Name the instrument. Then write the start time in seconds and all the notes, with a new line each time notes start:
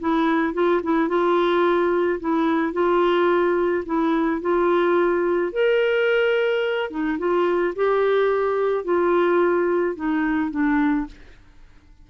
clarinet
0.00 E4
0.54 F4
0.83 E4
1.09 F4
2.20 E4
2.73 F4
3.86 E4
4.42 F4
5.53 A#4
6.90 D#4
7.18 F4
7.76 G4
8.85 F4
9.96 D#4
10.51 D4